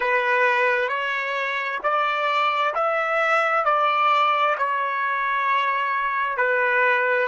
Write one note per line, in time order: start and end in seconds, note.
0.00 0.88 B4
0.88 1.79 C#5
1.83 2.74 D5
2.74 3.64 E5
3.64 4.55 D5
4.57 6.37 C#5
6.37 7.28 B4